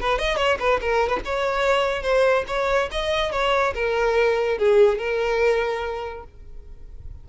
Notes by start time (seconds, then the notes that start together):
0.00 B4
0.18 D#5
0.36 C#5
0.59 B4
0.81 A#4
1.09 B4
1.25 C#5
2.02 C5
2.47 C#5
2.91 D#5
3.31 C#5
3.74 A#4
4.58 G#4
4.98 A#4